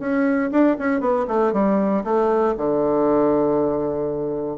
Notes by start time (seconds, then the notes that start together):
0.00 C#4
0.51 D4
0.79 C#4
1.01 B3
1.28 A3
1.53 G3
2.04 A3
2.57 D3